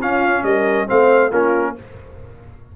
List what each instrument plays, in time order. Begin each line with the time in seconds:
0.00 trombone C#4, tuba C#4, horn F4, trumpet F5
0.44 tuba G3, horn A#4, trumpet D#5
0.88 tuba A3, trombone C4, horn C5, trumpet F5
1.31 tuba A#3, trombone C#4, horn F4, trumpet A#4